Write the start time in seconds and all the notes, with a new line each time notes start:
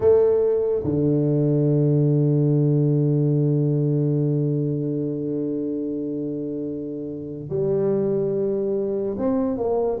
0.00 A3
0.84 D3
7.49 G3
9.18 C4
9.57 A#3